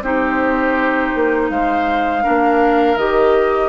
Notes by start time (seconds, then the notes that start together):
0.00 C4 D#4 G4 C5
1.15 A#3
1.50 G#3 C5 F5
2.23 A#3 D4 A#4
2.96 D#3 G4 D#5